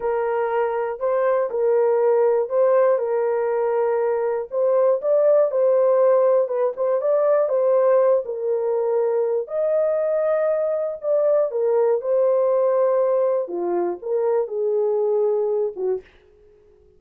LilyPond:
\new Staff \with { instrumentName = "horn" } { \time 4/4 \tempo 4 = 120 ais'2 c''4 ais'4~ | ais'4 c''4 ais'2~ | ais'4 c''4 d''4 c''4~ | c''4 b'8 c''8 d''4 c''4~ |
c''8 ais'2~ ais'8 dis''4~ | dis''2 d''4 ais'4 | c''2. f'4 | ais'4 gis'2~ gis'8 fis'8 | }